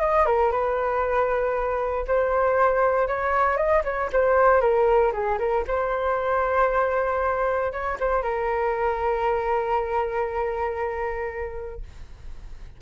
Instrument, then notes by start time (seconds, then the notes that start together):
flute
0.00 D#5
0.26 A#4
0.51 B4
2.07 C5
3.07 C#5
3.57 D#5
3.84 C#5
4.12 C5
4.61 A#4
5.12 G#4
5.38 A#4
5.67 C5
7.72 C#5
7.99 C5
8.22 A#4